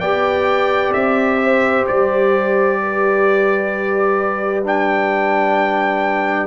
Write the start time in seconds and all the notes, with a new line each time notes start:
0.00 B3 G4 D5 G5
0.93 C4 E5
1.44 C5
1.87 G3 D5
2.81 B4
4.64 D4 G5